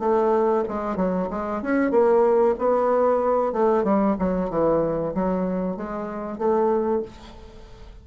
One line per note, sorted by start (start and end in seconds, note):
0.00 0.64 A3
0.68 0.97 G#3
0.97 1.29 F#3
1.31 1.63 G#3
1.63 1.92 C#4
1.92 2.56 A#3
2.59 3.53 B3
3.53 3.84 A3
3.84 4.16 G3
4.19 4.51 F#3
4.51 5.14 E3
5.15 5.77 F#3
5.77 6.39 G#3
6.39 7.03 A3